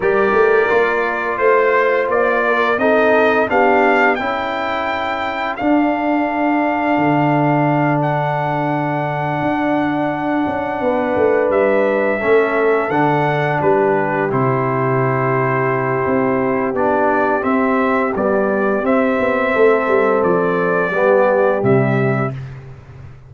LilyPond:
<<
  \new Staff \with { instrumentName = "trumpet" } { \time 4/4 \tempo 4 = 86 d''2 c''4 d''4 | dis''4 f''4 g''2 | f''2.~ f''8 fis''8~ | fis''1~ |
fis''8 e''2 fis''4 b'8~ | b'8 c''2.~ c''8 | d''4 e''4 d''4 e''4~ | e''4 d''2 e''4 | }
  \new Staff \with { instrumentName = "horn" } { \time 4/4 ais'2 c''4. ais'8 | a'4 g'4 a'2~ | a'1~ | a'2.~ a'8 b'8~ |
b'4. a'2 g'8~ | g'1~ | g'1 | a'2 g'2 | }
  \new Staff \with { instrumentName = "trombone" } { \time 4/4 g'4 f'2. | dis'4 d'4 e'2 | d'1~ | d'1~ |
d'4. cis'4 d'4.~ | d'8 e'2.~ e'8 | d'4 c'4 g4 c'4~ | c'2 b4 g4 | }
  \new Staff \with { instrumentName = "tuba" } { \time 4/4 g8 a8 ais4 a4 ais4 | c'4 b4 cis'2 | d'2 d2~ | d4. d'4. cis'8 b8 |
a8 g4 a4 d4 g8~ | g8 c2~ c8 c'4 | b4 c'4 b4 c'8 b8 | a8 g8 f4 g4 c4 | }
>>